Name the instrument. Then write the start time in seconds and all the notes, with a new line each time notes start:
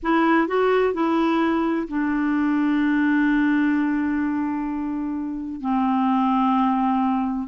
clarinet
0.02 E4
0.47 F#4
0.93 E4
1.87 D4
5.60 C4